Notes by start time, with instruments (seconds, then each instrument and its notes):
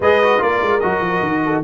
0.00 tuba G#3, trombone G#4, horn B4, trumpet D#5
0.23 trombone F#4
0.38 tuba A#3, trombone F4, horn A#4, trumpet D5
0.61 tuba G#3
0.80 tuba F#3, trombone F#4, trumpet D#5
1.00 tuba F3
1.22 tuba D#3
1.44 horn A4